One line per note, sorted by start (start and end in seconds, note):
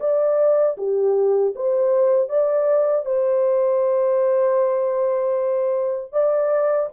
0.00 0.77 D5
0.78 1.55 G4
1.56 2.29 C5
2.29 3.06 D5
3.06 6.13 C5
6.13 6.90 D5